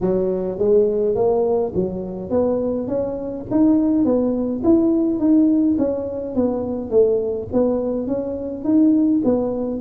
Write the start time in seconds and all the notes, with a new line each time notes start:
0.00 F#3
0.58 G#3
1.15 A#3
1.75 F#3
2.30 B3
2.87 C#4
3.50 D#4
4.04 B3
4.64 E4
5.19 D#4
5.78 C#4
6.35 B3
6.90 A3
7.53 B3
8.07 C#4
8.64 D#4
9.24 B3